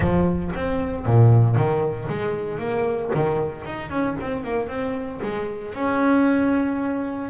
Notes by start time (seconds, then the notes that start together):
0.00 F3
0.55 C4
1.05 A#2
1.56 D#3
2.09 G#3
2.58 A#3
3.14 D#3
3.65 D#4
3.90 C#4
4.20 C4
4.43 A#3
4.68 C4
5.22 G#3
5.74 C#4